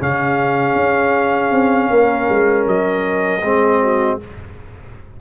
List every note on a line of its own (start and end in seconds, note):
0.00 0.75 C#3
0.00 3.42 C#4
0.00 1.91 G#4
0.00 2.68 F5
0.75 1.51 C#4
1.51 1.89 C4
1.90 2.28 A#3
1.90 3.43 A#4
2.29 2.67 G#3
2.67 3.43 F#3
2.67 4.20 D#5
3.43 4.19 G#3
3.43 4.20 C4
3.43 3.82 G#4
3.82 4.20 F#4